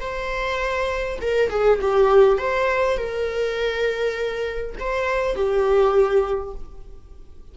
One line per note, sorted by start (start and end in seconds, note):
0.00 1.19 C5
1.21 1.50 A#4
1.50 1.80 G#4
1.81 2.38 G4
2.38 2.97 C5
2.97 4.75 A#4
4.79 5.35 C5
5.35 6.54 G4